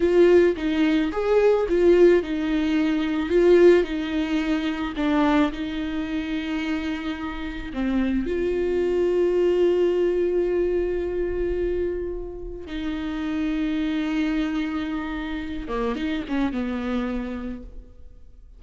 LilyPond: \new Staff \with { instrumentName = "viola" } { \time 4/4 \tempo 4 = 109 f'4 dis'4 gis'4 f'4 | dis'2 f'4 dis'4~ | dis'4 d'4 dis'2~ | dis'2 c'4 f'4~ |
f'1~ | f'2. dis'4~ | dis'1~ | dis'8 ais8 dis'8 cis'8 b2 | }